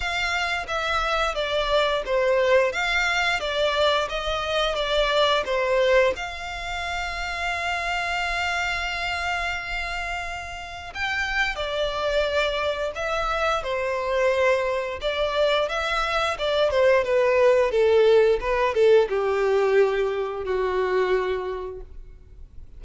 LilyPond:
\new Staff \with { instrumentName = "violin" } { \time 4/4 \tempo 4 = 88 f''4 e''4 d''4 c''4 | f''4 d''4 dis''4 d''4 | c''4 f''2.~ | f''1 |
g''4 d''2 e''4 | c''2 d''4 e''4 | d''8 c''8 b'4 a'4 b'8 a'8 | g'2 fis'2 | }